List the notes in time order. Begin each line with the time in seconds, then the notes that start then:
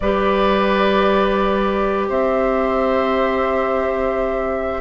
0.00 G3 G4 B4 D5
2.08 C4 C5 E5